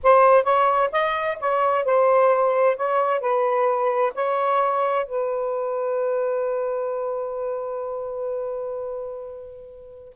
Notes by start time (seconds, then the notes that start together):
0.03 C5
0.43 C#5
0.91 D#5
1.40 C#5
1.84 C5
2.76 C#5
3.20 B4
4.14 C#5
5.06 B4